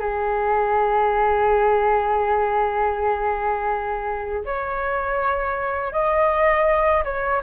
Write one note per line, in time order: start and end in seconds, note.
0.00 4.44 G#4
4.45 5.92 C#5
5.92 7.03 D#5
7.05 7.42 C#5